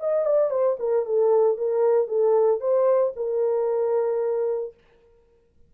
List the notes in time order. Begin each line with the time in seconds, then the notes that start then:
0.00 D#5
0.25 D5
0.50 C5
0.79 A#4
1.06 A4
1.57 A#4
2.08 A4
2.60 C5
3.16 A#4